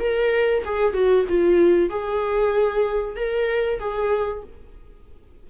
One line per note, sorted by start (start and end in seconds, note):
0.00 0.64 A#4
0.65 0.94 G#4
0.94 1.26 F#4
1.29 1.90 F4
1.90 3.16 G#4
3.16 3.80 A#4
3.80 4.44 G#4